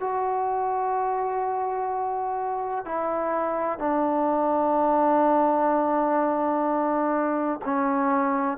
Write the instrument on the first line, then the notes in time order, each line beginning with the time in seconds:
trombone
0.00 F#4
2.85 E4
3.79 D4
7.65 C#4